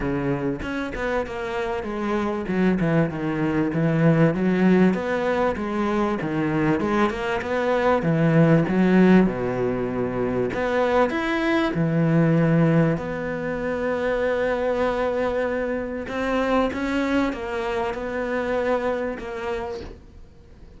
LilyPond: \new Staff \with { instrumentName = "cello" } { \time 4/4 \tempo 4 = 97 cis4 cis'8 b8 ais4 gis4 | fis8 e8 dis4 e4 fis4 | b4 gis4 dis4 gis8 ais8 | b4 e4 fis4 b,4~ |
b,4 b4 e'4 e4~ | e4 b2.~ | b2 c'4 cis'4 | ais4 b2 ais4 | }